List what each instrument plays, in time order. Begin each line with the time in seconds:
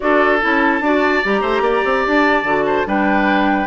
0.00 bassoon D4, clarinet F#4, oboe A4, flute D5
0.41 bassoon C#4, clarinet E4, flute A5
0.80 bassoon D4, clarinet F#4, oboe D5
1.23 bassoon G3, clarinet G4, flute A#5
1.41 bassoon A3, oboe C5
1.60 bassoon A#3, oboe D5
1.84 bassoon C4
2.07 bassoon D4, flute A5
2.43 bassoon D3, clarinet F#4
2.66 oboe C5
2.85 bassoon G3, clarinet D4, oboe B4, flute G5